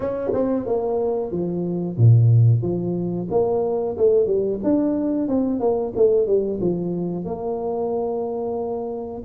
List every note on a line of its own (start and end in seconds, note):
0.00 0.31 C#4
0.33 0.66 C4
0.66 1.31 A#3
1.31 1.97 F3
1.97 2.61 A#2
2.61 3.27 F3
3.30 3.96 A#3
3.97 4.26 A3
4.26 4.59 G3
4.63 5.27 D4
5.27 5.60 C4
5.60 5.93 A#3
5.96 6.26 A3
6.26 6.59 G3
6.61 7.25 F3
7.25 9.22 A#3